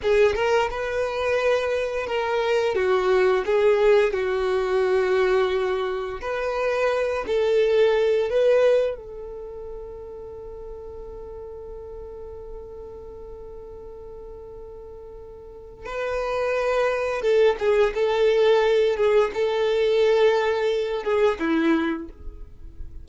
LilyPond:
\new Staff \with { instrumentName = "violin" } { \time 4/4 \tempo 4 = 87 gis'8 ais'8 b'2 ais'4 | fis'4 gis'4 fis'2~ | fis'4 b'4. a'4. | b'4 a'2.~ |
a'1~ | a'2. b'4~ | b'4 a'8 gis'8 a'4. gis'8 | a'2~ a'8 gis'8 e'4 | }